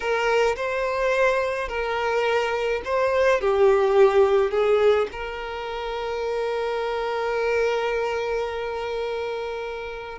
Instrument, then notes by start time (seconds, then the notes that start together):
violin
0.00 A#4
0.55 C5
1.68 A#4
2.85 C5
3.40 G4
4.51 G#4
5.12 A#4